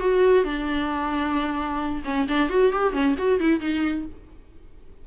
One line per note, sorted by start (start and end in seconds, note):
0.00 0.44 F#4
0.44 2.02 D4
2.05 2.27 C#4
2.28 2.50 D4
2.50 2.72 F#4
2.72 2.93 G4
2.93 3.16 C#4
3.18 3.40 F#4
3.40 3.61 E4
3.61 4.06 D#4